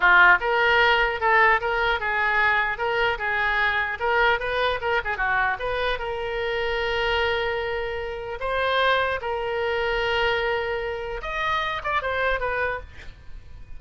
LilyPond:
\new Staff \with { instrumentName = "oboe" } { \time 4/4 \tempo 4 = 150 f'4 ais'2 a'4 | ais'4 gis'2 ais'4 | gis'2 ais'4 b'4 | ais'8 gis'8 fis'4 b'4 ais'4~ |
ais'1~ | ais'4 c''2 ais'4~ | ais'1 | dis''4. d''8 c''4 b'4 | }